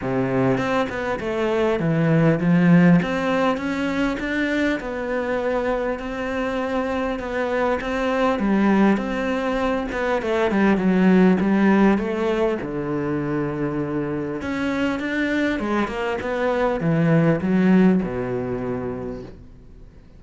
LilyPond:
\new Staff \with { instrumentName = "cello" } { \time 4/4 \tempo 4 = 100 c4 c'8 b8 a4 e4 | f4 c'4 cis'4 d'4 | b2 c'2 | b4 c'4 g4 c'4~ |
c'8 b8 a8 g8 fis4 g4 | a4 d2. | cis'4 d'4 gis8 ais8 b4 | e4 fis4 b,2 | }